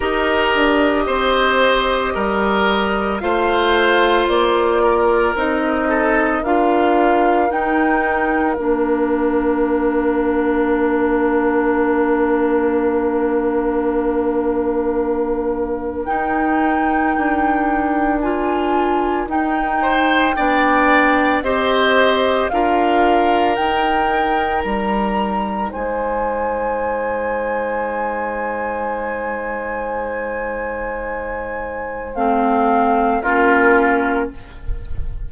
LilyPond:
<<
  \new Staff \with { instrumentName = "flute" } { \time 4/4 \tempo 4 = 56 dis''2. f''4 | d''4 dis''4 f''4 g''4 | f''1~ | f''2. g''4~ |
g''4 gis''4 g''2 | dis''4 f''4 g''4 ais''4 | gis''1~ | gis''2 f''4 ais'4 | }
  \new Staff \with { instrumentName = "oboe" } { \time 4/4 ais'4 c''4 ais'4 c''4~ | c''8 ais'4 a'8 ais'2~ | ais'1~ | ais'1~ |
ais'2~ ais'8 c''8 d''4 | c''4 ais'2. | c''1~ | c''2. f'4 | }
  \new Staff \with { instrumentName = "clarinet" } { \time 4/4 g'2. f'4~ | f'4 dis'4 f'4 dis'4 | d'1~ | d'2. dis'4~ |
dis'4 f'4 dis'4 d'4 | g'4 f'4 dis'2~ | dis'1~ | dis'2 c'4 cis'4 | }
  \new Staff \with { instrumentName = "bassoon" } { \time 4/4 dis'8 d'8 c'4 g4 a4 | ais4 c'4 d'4 dis'4 | ais1~ | ais2. dis'4 |
d'2 dis'4 b4 | c'4 d'4 dis'4 g4 | gis1~ | gis2 a4 ais4 | }
>>